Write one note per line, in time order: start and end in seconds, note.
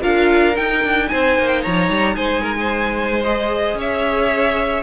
0.00 0.56 D4
0.00 0.53 F4
0.00 1.08 A#4
0.00 0.56 F5
0.53 3.21 D#4
0.53 0.84 D#4
0.53 1.08 G5
0.84 1.10 D4
1.08 1.38 C4
1.08 1.61 C5
1.08 1.48 G#5
1.38 1.65 A#3
1.48 1.61 G5
1.61 1.89 F3
1.61 2.15 C#5
1.61 2.15 A#5
1.89 2.16 G3
2.15 3.74 G#3
2.15 2.41 C5
2.15 3.22 G#5
2.41 2.55 A#4
2.59 3.77 C5
3.23 4.83 G#4
3.23 3.77 D#5
3.74 4.81 C#4
3.74 4.83 C#5
3.80 4.83 E5